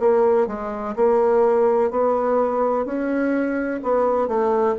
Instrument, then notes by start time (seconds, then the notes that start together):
bassoon
0.00 A#3
0.48 G#3
0.96 A#3
1.91 B3
2.86 C#4
3.83 B3
4.28 A3